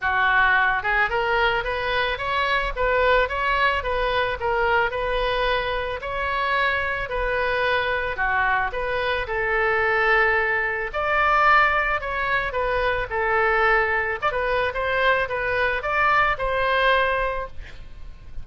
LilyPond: \new Staff \with { instrumentName = "oboe" } { \time 4/4 \tempo 4 = 110 fis'4. gis'8 ais'4 b'4 | cis''4 b'4 cis''4 b'4 | ais'4 b'2 cis''4~ | cis''4 b'2 fis'4 |
b'4 a'2. | d''2 cis''4 b'4 | a'2 d''16 b'8. c''4 | b'4 d''4 c''2 | }